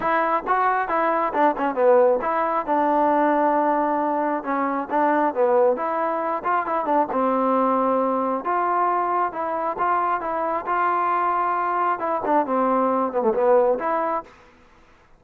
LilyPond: \new Staff \with { instrumentName = "trombone" } { \time 4/4 \tempo 4 = 135 e'4 fis'4 e'4 d'8 cis'8 | b4 e'4 d'2~ | d'2 cis'4 d'4 | b4 e'4. f'8 e'8 d'8 |
c'2. f'4~ | f'4 e'4 f'4 e'4 | f'2. e'8 d'8 | c'4. b16 a16 b4 e'4 | }